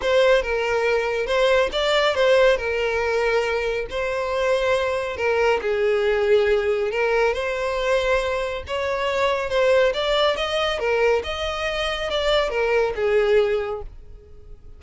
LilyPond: \new Staff \with { instrumentName = "violin" } { \time 4/4 \tempo 4 = 139 c''4 ais'2 c''4 | d''4 c''4 ais'2~ | ais'4 c''2. | ais'4 gis'2. |
ais'4 c''2. | cis''2 c''4 d''4 | dis''4 ais'4 dis''2 | d''4 ais'4 gis'2 | }